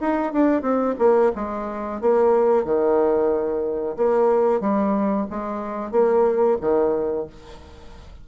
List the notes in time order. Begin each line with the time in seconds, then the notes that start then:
0.00 D#4
0.32 D4
0.61 C4
0.99 A#3
1.35 G#3
2.01 A#3
2.64 D#3
3.96 A#3
4.60 G3
5.30 G#3
5.91 A#3
6.61 D#3